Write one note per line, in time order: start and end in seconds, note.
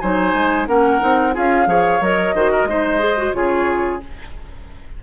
0.00 0.34 F#3
0.00 0.67 D#4
0.00 0.68 C5
0.00 0.67 G#5
0.34 0.68 G#3
0.67 1.01 A#3
0.67 1.00 C#4
0.67 1.35 A#4
0.67 1.35 F#5
1.00 1.36 C4
1.00 1.33 D#4
1.33 1.67 C#4
1.33 1.67 F4
1.33 1.68 G#4
1.33 2.03 F5
1.67 2.00 F3
1.67 2.00 G#4
1.67 2.35 C#5
2.01 2.34 F#3
2.01 2.35 A#4
2.01 3.34 D#5
2.34 2.65 D#3
2.34 2.68 F#4
2.34 2.52 C5
2.52 2.68 A#4
2.65 3.31 G#3
2.65 3.00 D#4
2.65 3.37 C5
3.00 3.16 G#4
3.17 3.34 F#4
3.34 4.02 C#3
3.34 4.00 F4
3.34 4.03 G#4
3.34 4.01 C#5